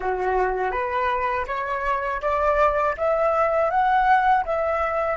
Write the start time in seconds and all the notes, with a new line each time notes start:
0.00 F#4
0.71 B4
1.47 C#5
2.21 D5
2.97 E5
3.70 F#5
4.45 E5